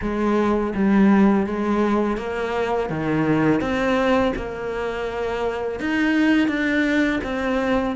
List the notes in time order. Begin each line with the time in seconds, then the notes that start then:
0.01 G#3
0.74 G3
1.46 G#3
2.17 A#3
2.89 D#3
3.60 C4
4.36 A#3
5.80 D#4
6.47 D4
7.23 C4